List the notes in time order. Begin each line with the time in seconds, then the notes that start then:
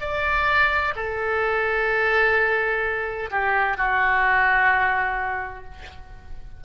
0.00 D5
0.95 A4
3.30 G4
3.77 F#4